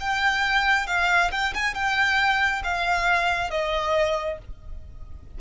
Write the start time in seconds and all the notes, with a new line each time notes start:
0.00 G5
0.87 F5
1.32 G5
1.54 G#5
1.74 G5
2.64 F5
3.50 D#5